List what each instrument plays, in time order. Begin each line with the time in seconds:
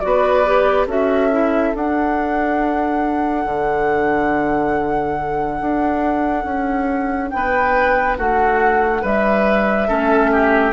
0.00 bassoon B3, clarinet F#4, flute D5
0.07 oboe B4
0.46 clarinet G4
0.87 bassoon C#4, clarinet F#4, oboe A4, flute E5
1.32 clarinet E4
1.74 clarinet D4, bassoon D4, flute F#5
3.45 bassoon D3
5.61 bassoon D4
6.45 bassoon C#4
7.30 bassoon B3, oboe B4, flute G5
8.18 bassoon A3, oboe F#4, flute F#5
9.02 bassoon G3, oboe B4, flute E5
9.88 bassoon A3, clarinet C#4, oboe A4
10.32 oboe G4